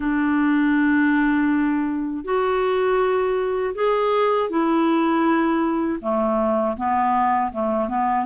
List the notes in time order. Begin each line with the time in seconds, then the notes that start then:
0.00 D4
2.24 F#4
3.75 G#4
4.49 E4
6.01 A3
6.76 B3
7.52 A3
7.88 B3